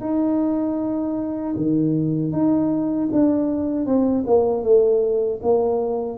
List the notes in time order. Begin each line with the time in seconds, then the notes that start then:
0.00 D#4
1.56 D#3
2.32 D#4
3.12 D4
3.85 C4
4.26 A#3
4.63 A3
5.42 A#3